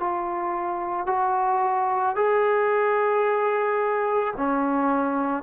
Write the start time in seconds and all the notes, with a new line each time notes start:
0.00 F4
1.07 F#4
2.16 G#4
4.37 C#4